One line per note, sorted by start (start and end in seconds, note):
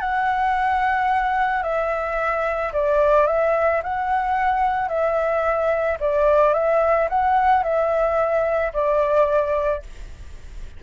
0.00 1.63 F#5
1.63 2.72 E5
2.73 3.27 D5
3.27 3.82 E5
3.83 4.88 F#5
4.88 5.98 E5
6.00 6.54 D5
6.54 7.08 E5
7.09 7.63 F#5
7.63 8.72 E5
8.73 9.82 D5